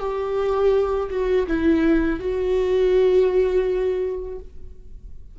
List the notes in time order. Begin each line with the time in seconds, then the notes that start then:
0.00 G4
1.10 F#4
1.48 E4
2.20 F#4